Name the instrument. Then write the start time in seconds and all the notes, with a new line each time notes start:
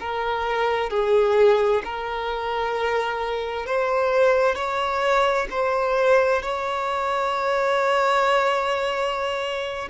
violin
0.00 A#4
0.90 G#4
1.84 A#4
3.66 C5
4.55 C#5
5.50 C5
6.42 C#5